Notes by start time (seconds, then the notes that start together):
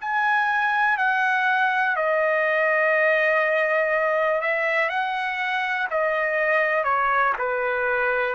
0.00 G#5
0.97 F#5
1.96 D#5
4.41 E5
4.89 F#5
5.90 D#5
6.84 C#5
7.38 B4